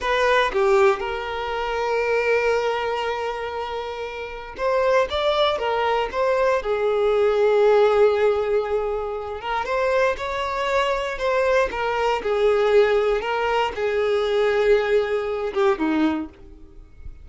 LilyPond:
\new Staff \with { instrumentName = "violin" } { \time 4/4 \tempo 4 = 118 b'4 g'4 ais'2~ | ais'1~ | ais'4 c''4 d''4 ais'4 | c''4 gis'2.~ |
gis'2~ gis'8 ais'8 c''4 | cis''2 c''4 ais'4 | gis'2 ais'4 gis'4~ | gis'2~ gis'8 g'8 dis'4 | }